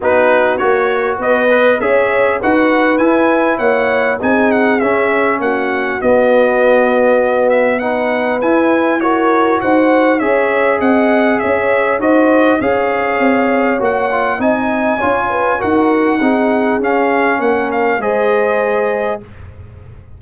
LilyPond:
<<
  \new Staff \with { instrumentName = "trumpet" } { \time 4/4 \tempo 4 = 100 b'4 cis''4 dis''4 e''4 | fis''4 gis''4 fis''4 gis''8 fis''8 | e''4 fis''4 dis''2~ | dis''8 e''8 fis''4 gis''4 cis''4 |
fis''4 e''4 fis''4 e''4 | dis''4 f''2 fis''4 | gis''2 fis''2 | f''4 fis''8 f''8 dis''2 | }
  \new Staff \with { instrumentName = "horn" } { \time 4/4 fis'2 b'4 cis''4 | b'2 cis''4 gis'4~ | gis'4 fis'2.~ | fis'4 b'2 ais'4 |
c''4 cis''4 dis''4 cis''4 | c''4 cis''2. | dis''4 cis''8 b'8 ais'4 gis'4~ | gis'4 ais'4 c''2 | }
  \new Staff \with { instrumentName = "trombone" } { \time 4/4 dis'4 fis'4. b'8 gis'4 | fis'4 e'2 dis'4 | cis'2 b2~ | b4 dis'4 e'4 fis'4~ |
fis'4 gis'2. | fis'4 gis'2 fis'8 f'8 | dis'4 f'4 fis'4 dis'4 | cis'2 gis'2 | }
  \new Staff \with { instrumentName = "tuba" } { \time 4/4 b4 ais4 b4 cis'4 | dis'4 e'4 ais4 c'4 | cis'4 ais4 b2~ | b2 e'2 |
dis'4 cis'4 c'4 cis'4 | dis'4 cis'4 c'4 ais4 | c'4 cis'4 dis'4 c'4 | cis'4 ais4 gis2 | }
>>